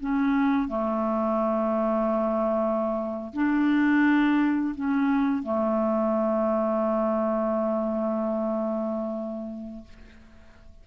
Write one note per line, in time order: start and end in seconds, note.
0.00 0.68 C#4
0.68 3.33 A3
3.33 4.74 D4
4.75 5.43 C#4
5.43 9.84 A3